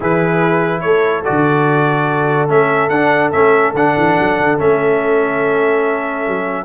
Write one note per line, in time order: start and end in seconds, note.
0.00 0.83 E3
0.00 1.24 E4
0.00 0.82 G#4
0.00 0.80 B4
0.80 1.25 A3
0.80 6.64 A4
0.80 1.22 C#5
1.24 2.49 D3
1.24 2.48 F#4
1.24 2.49 D5
2.48 2.89 A3
2.48 2.90 C#4
2.48 2.89 E5
2.89 3.31 D4
2.89 3.33 D4
2.89 3.30 F#5
3.32 3.73 A3
3.32 3.75 C#4
3.32 3.73 E5
3.73 3.94 D3
3.73 4.58 D4
3.73 4.59 F#5
3.97 4.18 E3
4.19 4.39 F#3
4.39 4.59 D3
4.58 6.27 A3
4.58 6.64 C#4
4.58 6.64 E5
6.27 6.64 F#3